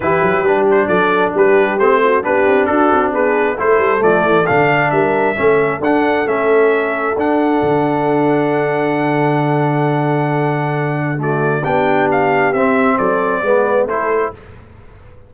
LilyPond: <<
  \new Staff \with { instrumentName = "trumpet" } { \time 4/4 \tempo 4 = 134 b'4. c''8 d''4 b'4 | c''4 b'4 a'4 b'4 | c''4 d''4 f''4 e''4~ | e''4 fis''4 e''2 |
fis''1~ | fis''1~ | fis''4 d''4 g''4 f''4 | e''4 d''2 c''4 | }
  \new Staff \with { instrumentName = "horn" } { \time 4/4 g'2 a'4 g'4~ | g'8 fis'8 g'4 fis'4 gis'4 | a'2. ais'4 | a'1~ |
a'1~ | a'1~ | a'4 fis'4 g'2~ | g'4 a'4 b'4 a'4 | }
  \new Staff \with { instrumentName = "trombone" } { \time 4/4 e'4 d'2. | c'4 d'2. | e'4 a4 d'2 | cis'4 d'4 cis'2 |
d'1~ | d'1~ | d'4 a4 d'2 | c'2 b4 e'4 | }
  \new Staff \with { instrumentName = "tuba" } { \time 4/4 e8 fis8 g4 fis4 g4 | a4 b8 c'8 d'8 c'8 b4 | a8 g8 f8 e8 d4 g4 | a4 d'4 a2 |
d'4 d2.~ | d1~ | d2 b2 | c'4 fis4 gis4 a4 | }
>>